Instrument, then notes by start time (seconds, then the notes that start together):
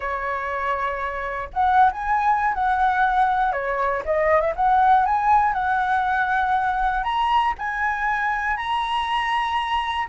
flute
0.00 C#5
1.53 F#5
1.92 G#5
2.53 F#5
3.52 C#5
4.05 D#5
4.40 E5
4.55 F#5
5.05 G#5
5.53 F#5
7.03 A#5
7.58 G#5
8.56 A#5